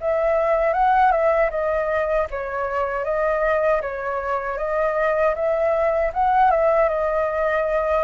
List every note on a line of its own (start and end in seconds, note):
0.00 0.73 E5
0.73 1.11 F#5
1.11 1.50 E5
1.50 2.27 D#5
2.30 3.04 C#5
3.04 3.81 D#5
3.81 4.57 C#5
4.57 5.34 D#5
5.35 6.12 E5
6.13 6.50 F#5
6.50 6.88 E5
6.88 8.03 D#5